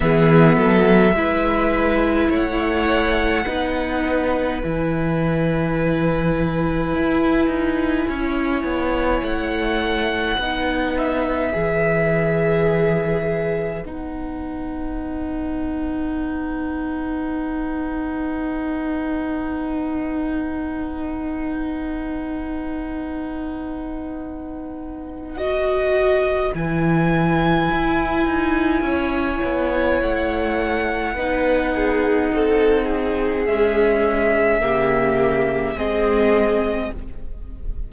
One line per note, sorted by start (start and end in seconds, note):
0.00 0.56 E3
0.00 1.13 B3
0.00 0.56 G#4
0.00 2.30 E5
0.56 1.13 F#3
0.56 1.13 A4
1.13 2.28 G#3
1.13 3.45 E4
1.13 2.29 B4
2.29 3.45 A3
2.29 3.44 C#5
2.35 4.63 F#5
3.45 4.62 B3
3.45 4.61 D#4
3.45 8.07 B4
4.63 6.94 E3
4.63 10.40 E4
4.63 9.24 G#5
6.94 7.47 E4
7.47 8.05 D#4
8.08 8.64 C#4
8.08 10.38 C#5
8.64 9.21 B3
9.22 10.37 A3
9.22 10.97 F#5
10.37 11.53 B3
10.37 11.52 D#4
10.37 28.84 B4
10.97 13.84 E5
11.52 13.81 E3
11.52 13.83 G#4
13.81 26.50 B3
13.81 25.37 D#4
13.81 25.37 F#5
25.37 26.53 F#4
25.37 26.52 D#5
26.54 27.69 E3
26.54 31.16 E4
26.54 30.01 G#5
27.71 28.25 E4
28.25 28.81 D#4
28.81 29.39 C#4
28.81 31.13 C#5
29.44 30.01 B3
30.01 31.15 A3
30.01 33.46 F#5
31.13 32.30 B3
31.13 33.46 D#4
31.13 31.71 B4
31.75 32.32 G#4
32.33 33.48 C4
32.33 32.85 A4
32.85 34.58 G#4
33.46 34.60 G#3
33.46 34.61 C#4
33.46 35.77 E5
34.60 35.74 C#3
34.60 35.75 A#3
34.60 35.76 G4
35.74 36.90 G#3
35.74 36.92 C4
35.74 36.92 G#4
35.74 36.92 D#5